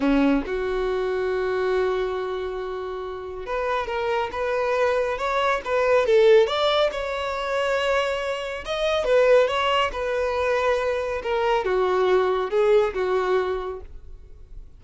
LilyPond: \new Staff \with { instrumentName = "violin" } { \time 4/4 \tempo 4 = 139 cis'4 fis'2.~ | fis'1 | b'4 ais'4 b'2 | cis''4 b'4 a'4 d''4 |
cis''1 | dis''4 b'4 cis''4 b'4~ | b'2 ais'4 fis'4~ | fis'4 gis'4 fis'2 | }